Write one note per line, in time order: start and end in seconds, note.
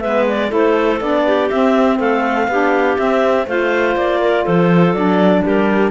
0.00 0.52 G#3
0.00 0.49 B3
0.00 0.48 B4
0.00 0.25 E5
0.28 0.53 D5
0.48 1.01 A3
0.48 0.98 E4
0.48 1.22 A4
0.55 1.01 C5
1.00 1.50 B3
1.00 1.49 D4
1.00 1.50 D5
1.26 1.98 G4
1.50 2.50 C4
1.50 1.99 C4
1.50 1.99 E5
1.98 2.48 A3
1.98 2.47 A4
1.98 2.98 F5
2.48 2.97 B3
2.48 2.98 D4
2.48 3.46 G4
2.98 3.47 C4
2.98 3.47 E5
3.46 3.96 A3
3.46 4.95 F4
3.46 4.20 C5
3.46 3.96 F5
3.96 4.45 A#3
3.96 4.46 D5
4.21 4.44 A#4
4.44 4.93 F3
4.44 5.42 A4
4.44 4.94 C5
4.93 5.42 F#3
4.93 5.91 D4
4.93 5.43 D5
5.43 5.91 G3
5.43 5.91 G4
5.43 5.91 A#4